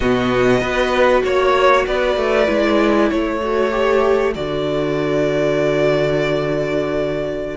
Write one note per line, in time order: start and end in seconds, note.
0.00 0.61 B2
0.00 0.62 B3
0.00 0.60 F#4
0.00 1.21 D#5
0.60 1.22 B3
0.60 2.46 F#4
0.60 1.22 B4
1.24 1.85 A#3
1.24 1.86 C#5
1.24 1.87 C#5
1.86 2.16 B3
1.86 3.09 B4
1.86 3.10 D5
2.16 2.47 A3
2.46 3.10 G#3
2.46 3.39 E4
3.09 4.35 A3
3.09 7.57 A4
3.09 4.33 C#5
3.42 3.70 F#4
3.70 4.32 G4
4.34 7.57 D3
4.34 7.57 F#4
4.34 7.57 D5